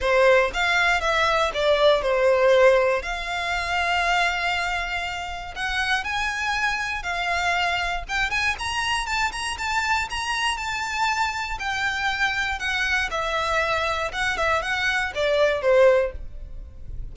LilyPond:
\new Staff \with { instrumentName = "violin" } { \time 4/4 \tempo 4 = 119 c''4 f''4 e''4 d''4 | c''2 f''2~ | f''2. fis''4 | gis''2 f''2 |
g''8 gis''8 ais''4 a''8 ais''8 a''4 | ais''4 a''2 g''4~ | g''4 fis''4 e''2 | fis''8 e''8 fis''4 d''4 c''4 | }